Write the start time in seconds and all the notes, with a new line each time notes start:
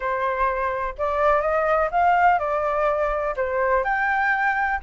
0.00 C5
0.98 D5
1.41 D#5
1.91 F5
2.38 D5
3.36 C5
3.84 G5